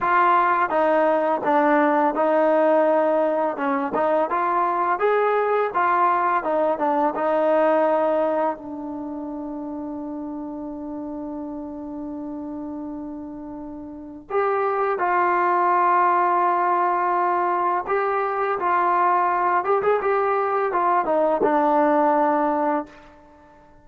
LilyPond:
\new Staff \with { instrumentName = "trombone" } { \time 4/4 \tempo 4 = 84 f'4 dis'4 d'4 dis'4~ | dis'4 cis'8 dis'8 f'4 gis'4 | f'4 dis'8 d'8 dis'2 | d'1~ |
d'1 | g'4 f'2.~ | f'4 g'4 f'4. g'16 gis'16 | g'4 f'8 dis'8 d'2 | }